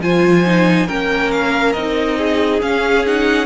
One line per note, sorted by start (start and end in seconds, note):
0.00 0.87 F3
0.00 0.45 F4
0.00 0.87 C5
0.00 0.88 G#5
0.46 0.88 D#4
0.87 1.75 A#3
0.87 1.75 C#4
0.87 2.18 A#4
0.87 1.32 G5
1.32 1.73 F5
1.73 2.62 C4
1.73 2.61 D#4
1.73 2.60 D#5
2.18 3.46 G#4
2.61 3.04 C#4
2.61 3.46 C#4
2.61 3.05 F5
3.06 3.46 D#4
3.06 3.46 F#5